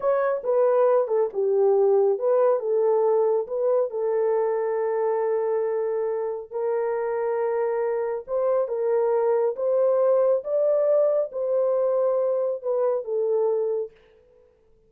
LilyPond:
\new Staff \with { instrumentName = "horn" } { \time 4/4 \tempo 4 = 138 cis''4 b'4. a'8 g'4~ | g'4 b'4 a'2 | b'4 a'2.~ | a'2. ais'4~ |
ais'2. c''4 | ais'2 c''2 | d''2 c''2~ | c''4 b'4 a'2 | }